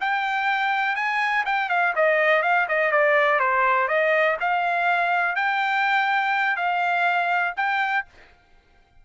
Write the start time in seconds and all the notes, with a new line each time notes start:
0.00 G5
0.96 G#5
1.45 G5
1.69 F5
1.95 D#5
2.42 F5
2.68 D#5
2.91 D5
3.39 C5
3.88 D#5
4.40 F5
5.35 G5
6.56 F5
7.56 G5